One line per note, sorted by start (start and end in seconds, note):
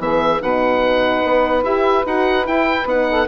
0.00 0.41 E3
0.00 0.41 B3
0.00 0.42 G#4
0.00 0.43 E5
0.41 1.24 B2
0.41 1.64 D#4
0.41 3.09 B4
0.41 1.65 F#5
1.24 1.63 B3
1.63 2.05 E4
1.63 2.05 G4
1.63 2.06 E5
2.06 2.47 D#4
2.06 2.44 F#4
2.06 2.47 F#5
2.44 2.86 E4
2.44 2.85 E4
2.44 2.88 G5
2.85 3.26 B3
2.85 3.28 D#4
2.85 3.28 F#5
3.11 3.28 A4